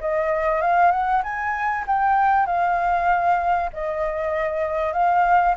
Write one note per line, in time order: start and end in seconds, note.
0.00 0.61 D#5
0.61 0.91 F5
0.91 1.22 F#5
1.23 1.85 G#5
1.87 2.46 G5
2.46 3.70 F5
3.73 4.93 D#5
4.93 5.55 F5